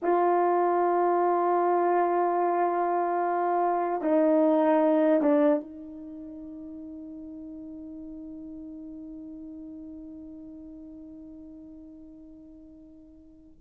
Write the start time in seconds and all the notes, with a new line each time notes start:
0.02 F4
4.01 D#4
5.21 D4
5.60 D#4